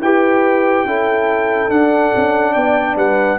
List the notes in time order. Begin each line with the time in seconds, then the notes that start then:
0.00 E4 G4 B4 G5
0.84 C#4 E4 A4
1.70 D4 F#5
2.15 C#4
2.53 B3 D5 G5
2.96 G3 B4 F#5